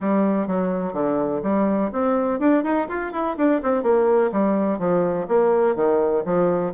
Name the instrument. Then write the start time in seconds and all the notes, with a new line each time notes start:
bassoon
0.00 G3
0.47 F#3
0.93 D3
1.42 G3
1.92 C4
2.39 D4
2.63 D#4
2.88 F4
3.12 E4
3.37 D4
3.62 C4
3.82 A#3
4.32 G3
4.78 F3
5.28 A#3
5.75 D#3
6.25 F3